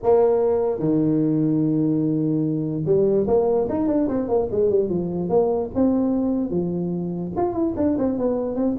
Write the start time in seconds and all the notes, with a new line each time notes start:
0.02 A#3
0.79 D#3
2.85 G3
3.27 A#3
3.69 D#4
3.87 D4
4.08 C4
4.28 A#3
4.51 G#3
4.70 G3
4.89 F3
5.29 A#3
5.74 C4
6.50 F3
7.36 F4
7.53 E4
7.76 D4
7.98 C4
8.18 B3
8.55 C4